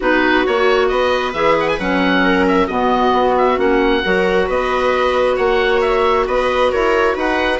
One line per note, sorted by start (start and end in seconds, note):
0.00 0.45 B3
0.00 0.44 D#4
0.00 0.89 F#4
0.00 0.46 B4
0.44 0.90 A#3
0.44 1.33 F#4
0.44 0.88 C#5
0.88 1.33 B3
0.88 2.24 B4
0.88 1.33 D#5
1.33 1.78 E3
1.33 1.79 G#4
1.33 1.55 E5
1.59 1.68 F#5
1.68 1.79 G#5
1.78 2.68 F#3
1.78 2.68 C#4
1.78 2.46 F#5
2.24 2.68 A#4
2.47 2.67 E5
2.67 3.13 B2
2.67 3.57 B3
2.67 4.02 F#4
2.67 3.34 D#5
3.13 3.57 B3
3.37 3.59 E5
3.57 4.02 A#3
3.57 4.02 C#4
3.57 4.49 F#5
4.03 4.48 F#3
4.03 7.59 F#4
4.03 4.46 A#4
4.46 5.37 B3
4.46 5.36 B4
4.46 5.36 D#5
5.36 6.27 A#3
5.36 6.25 C#5
5.36 5.81 F#5
5.81 6.26 E5
6.27 6.72 B3
6.27 6.72 B4
6.27 6.72 D#5
6.72 7.15 E4
6.72 7.15 A#4
6.72 7.16 C#5
7.15 7.59 D#4
7.15 7.59 B4
7.15 7.59 F#5